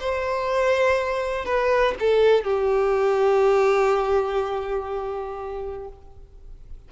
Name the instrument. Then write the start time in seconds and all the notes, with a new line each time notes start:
violin
0.00 C5
1.46 B4
2.00 A4
2.45 G4